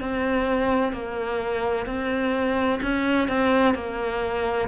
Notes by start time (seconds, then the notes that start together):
0.00 C4
0.93 A#3
1.86 C4
2.82 C#4
3.28 C4
3.75 A#3